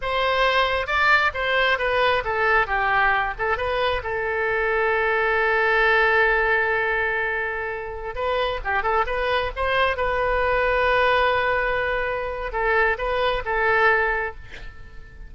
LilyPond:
\new Staff \with { instrumentName = "oboe" } { \time 4/4 \tempo 4 = 134 c''2 d''4 c''4 | b'4 a'4 g'4. a'8 | b'4 a'2.~ | a'1~ |
a'2~ a'16 b'4 g'8 a'16~ | a'16 b'4 c''4 b'4.~ b'16~ | b'1 | a'4 b'4 a'2 | }